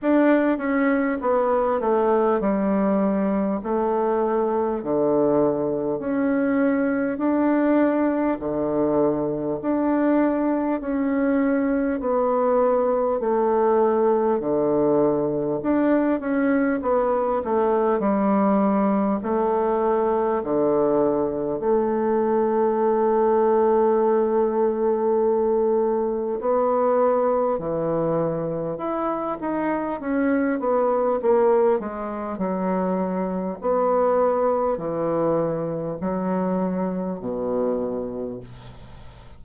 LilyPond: \new Staff \with { instrumentName = "bassoon" } { \time 4/4 \tempo 4 = 50 d'8 cis'8 b8 a8 g4 a4 | d4 cis'4 d'4 d4 | d'4 cis'4 b4 a4 | d4 d'8 cis'8 b8 a8 g4 |
a4 d4 a2~ | a2 b4 e4 | e'8 dis'8 cis'8 b8 ais8 gis8 fis4 | b4 e4 fis4 b,4 | }